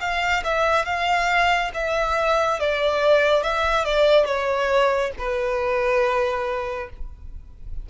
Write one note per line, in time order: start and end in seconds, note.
0.00 0.43 F5
0.44 0.85 E5
0.85 1.71 F5
1.74 2.59 E5
2.59 3.43 D5
3.43 3.85 E5
3.85 4.25 D5
4.25 5.11 C#5
5.18 6.89 B4